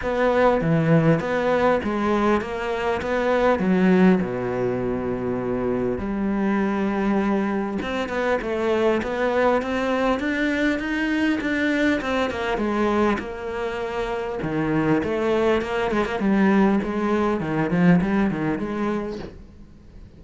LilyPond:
\new Staff \with { instrumentName = "cello" } { \time 4/4 \tempo 4 = 100 b4 e4 b4 gis4 | ais4 b4 fis4 b,4~ | b,2 g2~ | g4 c'8 b8 a4 b4 |
c'4 d'4 dis'4 d'4 | c'8 ais8 gis4 ais2 | dis4 a4 ais8 gis16 ais16 g4 | gis4 dis8 f8 g8 dis8 gis4 | }